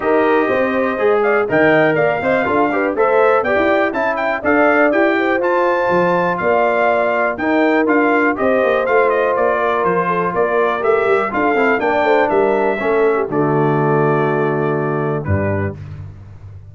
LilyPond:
<<
  \new Staff \with { instrumentName = "trumpet" } { \time 4/4 \tempo 4 = 122 dis''2~ dis''8 f''8 g''4 | f''2 e''4 g''4 | a''8 g''8 f''4 g''4 a''4~ | a''4 f''2 g''4 |
f''4 dis''4 f''8 dis''8 d''4 | c''4 d''4 e''4 f''4 | g''4 e''2 d''4~ | d''2. b'4 | }
  \new Staff \with { instrumentName = "horn" } { \time 4/4 ais'4 c''4. d''8 dis''4 | d''8 dis''8 a'8 b'8 c''4 d''4 | e''4 d''4. c''4.~ | c''4 d''2 ais'4~ |
ais'4 c''2~ c''8 ais'8~ | ais'8 a'8 ais'2 a'4 | d''8 c''8 ais'4 a'8. g'16 fis'4~ | fis'2. d'4 | }
  \new Staff \with { instrumentName = "trombone" } { \time 4/4 g'2 gis'4 ais'4~ | ais'8 c''8 f'8 g'8 a'4 g'4 | e'4 a'4 g'4 f'4~ | f'2. dis'4 |
f'4 g'4 f'2~ | f'2 g'4 f'8 e'8 | d'2 cis'4 a4~ | a2. g4 | }
  \new Staff \with { instrumentName = "tuba" } { \time 4/4 dis'4 c'4 gis4 dis4 | ais8 c'8 d'4 a4 b16 e'8. | cis'4 d'4 e'4 f'4 | f4 ais2 dis'4 |
d'4 c'8 ais8 a4 ais4 | f4 ais4 a8 g8 d'8 c'8 | ais8 a8 g4 a4 d4~ | d2. g,4 | }
>>